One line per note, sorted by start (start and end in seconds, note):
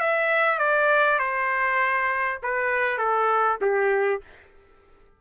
0.00 0.59 E5
0.59 1.19 D5
1.19 2.39 C5
2.43 2.98 B4
2.98 3.58 A4
3.61 4.21 G4